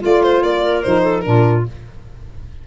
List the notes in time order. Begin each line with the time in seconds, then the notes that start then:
0.00 A3 F4 D5
0.23 C5
0.43 A#3 D5
0.62 A#4
0.83 F3 D#4 C5
1.03 A4
1.20 D4 A#4
1.27 A#2 F4